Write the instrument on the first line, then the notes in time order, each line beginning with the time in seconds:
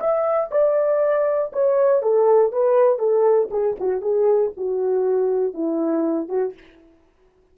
horn
0.00 E5
0.51 D5
1.53 C#5
2.03 A4
2.53 B4
2.99 A4
3.51 G#4
3.80 F#4
4.02 G#4
4.57 F#4
5.54 E4
6.29 F#4